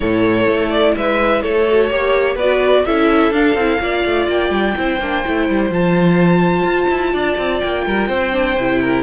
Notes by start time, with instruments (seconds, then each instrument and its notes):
0.00 cello A2, viola E4, violin A4 C#5
0.47 cello A3
0.69 violin D5
0.96 cello G#3, violin B4 E5
1.42 cello A3, violin A4 C#5
1.68 viola F#4
1.89 cello A#3, viola G4, violin C#5
2.34 cello B3, viola F#4, violin B4 D5
2.85 cello C#4, viola E4, violin A4 E5
3.31 cello D4, viola D4, violin F5
3.54 cello C4, viola E4
3.79 cello A#3, viola F4, violin D5
4.05 cello A3
4.27 cello A#3, violin G5
4.50 cello G3
4.76 cello C4, viola E4, violin C5
5.00 cello A#3, viola D4
5.24 cello A3, viola E4
5.49 cello G3
5.70 cello F3, viola F4, violin A5
6.63 cello F4
6.89 cello E4
7.13 cello D4, violin D5
7.38 cello C4
7.60 cello A#3, violin G5
7.86 cello G3, violin A#4
8.08 cello C4, violin C5
8.32 viola D4
8.57 cello C3, viola E4
8.81 violin A#4